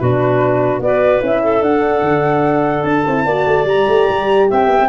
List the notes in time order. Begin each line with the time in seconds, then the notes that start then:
0.00 B2 D4 F#4 B4
0.80 B3 F#4 B4 D5
1.22 C#4 E4 E5
1.43 A4
1.61 D4 F#5
2.02 D3
2.84 D4 A5
3.07 C4 E4
3.25 A#3 F#4 D5
3.47 A3
3.65 G3 G4 A#5
3.88 A3
4.10 G3
4.50 C4 E5 G5
4.68 B3
4.81 C4